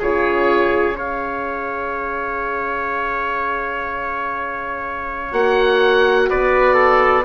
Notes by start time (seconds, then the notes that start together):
0.00 C#3 F4 G#4 C#5
0.97 C#4 G#4 C#5 F5
5.32 A#3 F#4 F#5
6.30 B3 B4 D5
6.75 A4